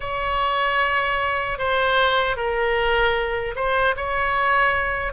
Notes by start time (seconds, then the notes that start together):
0.00 C#5
1.58 C5
2.36 A#4
3.55 C5
3.96 C#5